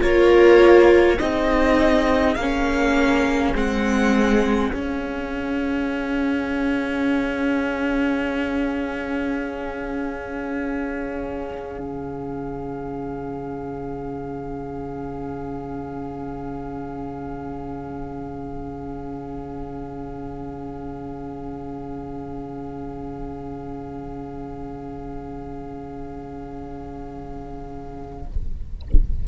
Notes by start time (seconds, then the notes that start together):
0.00 A#3 F4 A#4 C#5
1.17 C4 D#4 G#4 D#5
2.35 A#3 F5
2.42 C#4
3.55 G#3 C4 F#5
4.73 C#4 F5
11.79 C#3